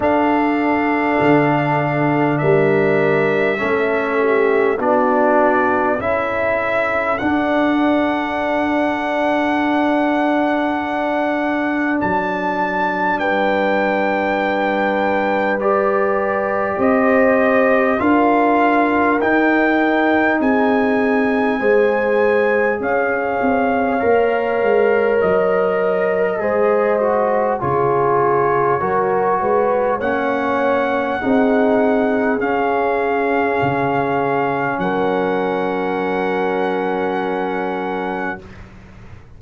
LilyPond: <<
  \new Staff \with { instrumentName = "trumpet" } { \time 4/4 \tempo 4 = 50 f''2 e''2 | d''4 e''4 fis''2~ | fis''2 a''4 g''4~ | g''4 d''4 dis''4 f''4 |
g''4 gis''2 f''4~ | f''4 dis''2 cis''4~ | cis''4 fis''2 f''4~ | f''4 fis''2. | }
  \new Staff \with { instrumentName = "horn" } { \time 4/4 a'2 ais'4 a'8 g'8 | fis'4 a'2.~ | a'2. b'4~ | b'2 c''4 ais'4~ |
ais'4 gis'4 c''4 cis''4~ | cis''2 c''4 gis'4 | ais'8 b'8 cis''4 gis'2~ | gis'4 ais'2. | }
  \new Staff \with { instrumentName = "trombone" } { \time 4/4 d'2. cis'4 | d'4 e'4 d'2~ | d'1~ | d'4 g'2 f'4 |
dis'2 gis'2 | ais'2 gis'8 fis'8 f'4 | fis'4 cis'4 dis'4 cis'4~ | cis'1 | }
  \new Staff \with { instrumentName = "tuba" } { \time 4/4 d'4 d4 g4 a4 | b4 cis'4 d'2~ | d'2 fis4 g4~ | g2 c'4 d'4 |
dis'4 c'4 gis4 cis'8 c'8 | ais8 gis8 fis4 gis4 cis4 | fis8 gis8 ais4 c'4 cis'4 | cis4 fis2. | }
>>